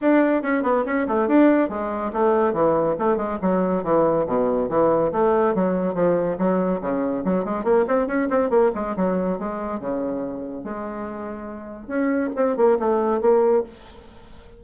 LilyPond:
\new Staff \with { instrumentName = "bassoon" } { \time 4/4 \tempo 4 = 141 d'4 cis'8 b8 cis'8 a8 d'4 | gis4 a4 e4 a8 gis8 | fis4 e4 b,4 e4 | a4 fis4 f4 fis4 |
cis4 fis8 gis8 ais8 c'8 cis'8 c'8 | ais8 gis8 fis4 gis4 cis4~ | cis4 gis2. | cis'4 c'8 ais8 a4 ais4 | }